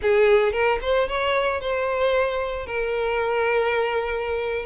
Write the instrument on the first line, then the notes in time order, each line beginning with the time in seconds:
violin
0.01 G#4
0.52 A#4
0.81 C5
1.08 C#5
1.60 C5
2.66 A#4